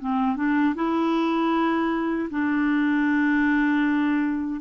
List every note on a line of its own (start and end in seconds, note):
0.00 0.36 C4
0.36 0.75 D4
0.75 2.29 E4
2.30 4.61 D4